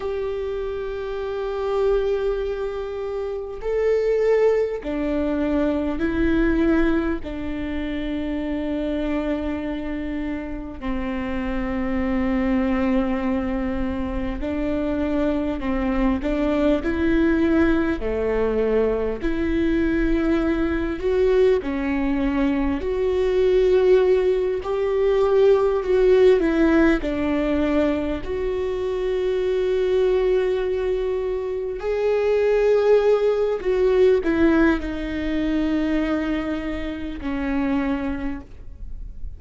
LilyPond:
\new Staff \with { instrumentName = "viola" } { \time 4/4 \tempo 4 = 50 g'2. a'4 | d'4 e'4 d'2~ | d'4 c'2. | d'4 c'8 d'8 e'4 a4 |
e'4. fis'8 cis'4 fis'4~ | fis'8 g'4 fis'8 e'8 d'4 fis'8~ | fis'2~ fis'8 gis'4. | fis'8 e'8 dis'2 cis'4 | }